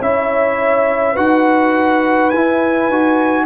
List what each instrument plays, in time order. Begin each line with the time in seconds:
0.00 tuba C#4, trombone E4, horn C#5, trumpet E5
1.13 tuba D#4, trombone F#4, horn B4, trumpet F#5
2.30 tuba E4, trombone E4, trumpet G#5
2.89 tuba D#4, trombone F#4